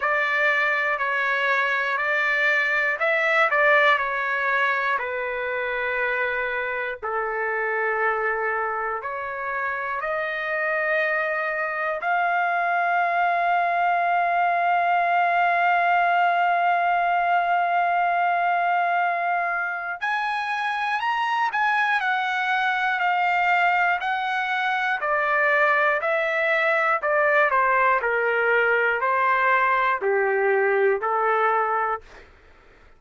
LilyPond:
\new Staff \with { instrumentName = "trumpet" } { \time 4/4 \tempo 4 = 60 d''4 cis''4 d''4 e''8 d''8 | cis''4 b'2 a'4~ | a'4 cis''4 dis''2 | f''1~ |
f''1 | gis''4 ais''8 gis''8 fis''4 f''4 | fis''4 d''4 e''4 d''8 c''8 | ais'4 c''4 g'4 a'4 | }